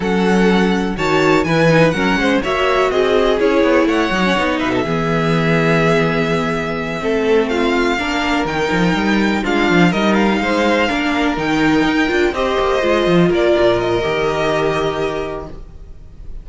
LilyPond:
<<
  \new Staff \with { instrumentName = "violin" } { \time 4/4 \tempo 4 = 124 fis''2 a''4 gis''4 | fis''4 e''4 dis''4 cis''4 | fis''4. e''2~ e''8~ | e''2.~ e''8 f''8~ |
f''4. g''2 f''8~ | f''8 dis''8 f''2~ f''8 g''8~ | g''4. dis''2 d''8~ | d''8 dis''2.~ dis''8 | }
  \new Staff \with { instrumentName = "violin" } { \time 4/4 a'2 cis''4 b'4 | ais'8 c''8 cis''4 gis'2 | cis''4. b'16 a'16 gis'2~ | gis'2~ gis'8 a'4 f'8~ |
f'8 ais'2. f'8~ | f'8 ais'4 c''4 ais'4.~ | ais'4. c''2 ais'8~ | ais'1 | }
  \new Staff \with { instrumentName = "viola" } { \time 4/4 cis'2 fis'4 e'8 dis'8 | cis'4 fis'2 e'4~ | e'8 dis'16 cis'16 dis'4 b2~ | b2~ b8 c'4.~ |
c'8 d'4 dis'2 d'8~ | d'8 dis'2 d'4 dis'8~ | dis'4 f'8 g'4 f'4.~ | f'4 g'2. | }
  \new Staff \with { instrumentName = "cello" } { \time 4/4 fis2 dis4 e4 | fis8 gis8 ais4 c'4 cis'8 b8 | a8 fis8 b8 b,8 e2~ | e2~ e8 a4.~ |
a8 ais4 dis8 f8 g4 gis8 | f8 g4 gis4 ais4 dis8~ | dis8 dis'8 d'8 c'8 ais8 gis8 f8 ais8 | ais,4 dis2. | }
>>